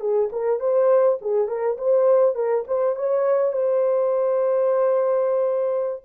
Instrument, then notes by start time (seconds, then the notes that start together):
horn
0.00 G#4
0.32 A#4
0.60 C5
1.21 G#4
1.48 A#4
1.78 C5
2.35 A#4
2.67 C5
2.96 C#5
3.52 C5